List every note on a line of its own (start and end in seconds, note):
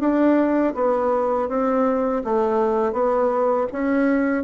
0.00 0.74 D4
0.75 1.49 B3
1.49 2.23 C4
2.25 2.93 A3
2.93 3.67 B3
3.73 4.44 C#4